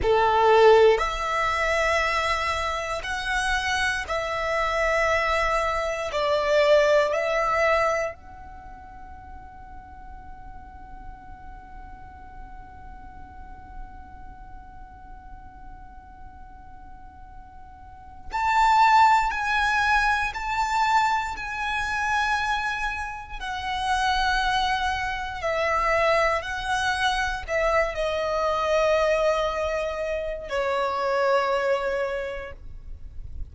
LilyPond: \new Staff \with { instrumentName = "violin" } { \time 4/4 \tempo 4 = 59 a'4 e''2 fis''4 | e''2 d''4 e''4 | fis''1~ | fis''1~ |
fis''2 a''4 gis''4 | a''4 gis''2 fis''4~ | fis''4 e''4 fis''4 e''8 dis''8~ | dis''2 cis''2 | }